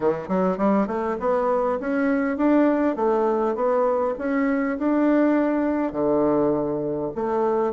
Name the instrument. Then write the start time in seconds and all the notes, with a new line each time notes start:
bassoon
0.00 E3
0.28 F#3
0.57 G3
0.87 A3
1.19 B3
1.80 C#4
2.37 D4
2.95 A3
3.55 B3
4.18 C#4
4.78 D4
5.92 D3
7.15 A3